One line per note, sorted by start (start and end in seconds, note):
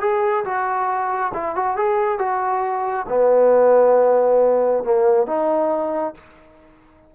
0.00 0.44 G#4
0.44 1.32 F#4
1.34 1.55 E4
1.55 1.76 F#4
1.76 2.18 G#4
2.18 3.06 F#4
3.08 4.83 B3
4.83 5.26 A#3
5.26 6.14 D#4